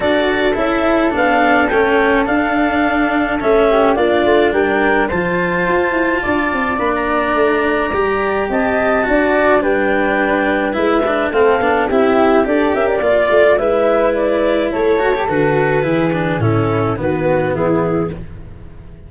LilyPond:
<<
  \new Staff \with { instrumentName = "clarinet" } { \time 4/4 \tempo 4 = 106 d''4 e''4 f''4 g''4 | f''2 e''4 d''4 | g''4 a''2. | b''16 ais''2~ ais''8. a''4~ |
a''4 g''2 e''4 | f''4 e''4 d''8 e''16 d''4~ d''16 | e''4 d''4 cis''4 b'4~ | b'4 a'4 b'4 gis'4 | }
  \new Staff \with { instrumentName = "flute" } { \time 4/4 a'1~ | a'2~ a'8 g'8 f'4 | ais'4 c''2 d''4~ | d''2. dis''4 |
d''4 b'2. | a'4 g'4 a'8 ais'8 d''4 | b'2 a'2 | gis'4 e'4 fis'4 e'4 | }
  \new Staff \with { instrumentName = "cello" } { \time 4/4 fis'4 e'4 d'4 cis'4 | d'2 cis'4 d'4~ | d'4 f'2. | d'2 g'2 |
fis'4 d'2 e'8 d'8 | c'8 d'8 e'4 g'4 f'4 | e'2~ e'8 fis'16 g'16 fis'4 | e'8 d'8 cis'4 b2 | }
  \new Staff \with { instrumentName = "tuba" } { \time 4/4 d'4 cis'4 b4 a4 | d'2 a4 ais8 a8 | g4 f4 f'8 e'8 d'8 c'8 | ais4 a4 g4 c'4 |
d'4 g2 gis4 | a8 b8 c'4 d'8 cis'8 ais8 a8 | gis2 a4 d4 | e4 a,4 dis4 e4 | }
>>